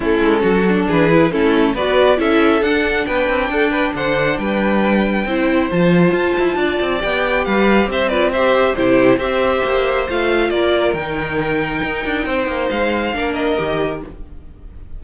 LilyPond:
<<
  \new Staff \with { instrumentName = "violin" } { \time 4/4 \tempo 4 = 137 a'2 b'4 a'4 | d''4 e''4 fis''4 g''4~ | g''4 fis''4 g''2~ | g''4 a''2. |
g''4 f''4 e''8 d''8 e''4 | c''4 e''2 f''4 | d''4 g''2.~ | g''4 f''4. dis''4. | }
  \new Staff \with { instrumentName = "violin" } { \time 4/4 e'4 fis'4 gis'4 e'4 | b'4 a'2 b'4 | a'8 b'8 c''4 b'2 | c''2. d''4~ |
d''4 b'4 c''8 b'8 c''4 | g'4 c''2. | ais'1 | c''2 ais'2 | }
  \new Staff \with { instrumentName = "viola" } { \time 4/4 cis'4. d'4 e'8 cis'4 | fis'4 e'4 d'2~ | d'1 | e'4 f'2. |
g'2~ g'8 f'8 g'4 | e'4 g'2 f'4~ | f'4 dis'2.~ | dis'2 d'4 g'4 | }
  \new Staff \with { instrumentName = "cello" } { \time 4/4 a8 gis8 fis4 e4 a4 | b4 cis'4 d'4 b8 c'8 | d'4 d4 g2 | c'4 f4 f'8 e'8 d'8 c'8 |
b4 g4 c'2 | c4 c'4 ais4 a4 | ais4 dis2 dis'8 d'8 | c'8 ais8 gis4 ais4 dis4 | }
>>